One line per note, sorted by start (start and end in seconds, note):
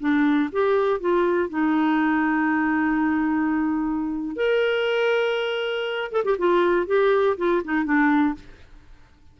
0.00 0.50 D4
0.52 1.00 G4
1.00 1.50 F4
1.50 4.36 D#4
4.36 6.11 A#4
6.12 6.24 A4
6.25 6.37 G4
6.38 6.87 F4
6.87 7.37 G4
7.38 7.62 F4
7.65 7.85 D#4
7.85 8.35 D4